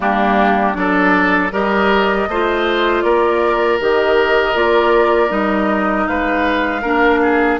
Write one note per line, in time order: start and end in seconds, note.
0.00 0.75 G3
0.00 0.73 A#3
0.00 0.76 D4
0.00 0.74 G4
0.73 1.51 F#3
0.73 1.49 D4
0.73 1.52 A4
0.73 1.50 D5
1.51 2.27 G3
1.51 2.28 G4
1.51 2.28 A#4
1.51 3.01 D#5
2.28 3.03 A3
2.28 3.80 F4
2.28 3.04 C5
3.01 3.79 A#3
3.01 6.08 A#4
3.01 3.77 D5
3.79 4.55 D#3
3.79 4.54 G4
3.79 4.57 D#5
4.54 5.30 A#3
4.54 5.28 F4
4.54 5.31 D5
5.28 6.06 G3
5.28 6.80 D#4
5.28 6.07 D#5
6.07 6.83 G#3
6.07 6.81 B4
6.07 7.59 F5
6.81 7.59 A#3
6.81 7.59 D4
6.81 7.19 A#4
7.22 7.59 G#4